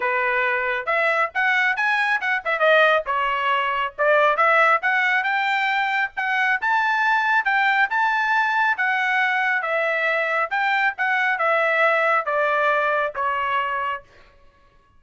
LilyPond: \new Staff \with { instrumentName = "trumpet" } { \time 4/4 \tempo 4 = 137 b'2 e''4 fis''4 | gis''4 fis''8 e''8 dis''4 cis''4~ | cis''4 d''4 e''4 fis''4 | g''2 fis''4 a''4~ |
a''4 g''4 a''2 | fis''2 e''2 | g''4 fis''4 e''2 | d''2 cis''2 | }